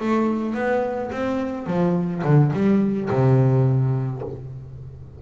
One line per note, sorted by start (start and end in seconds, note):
0.00 0.55 A3
0.55 1.11 B3
1.12 1.67 C4
1.67 2.23 F3
2.24 2.52 D3
2.53 3.09 G3
3.10 4.22 C3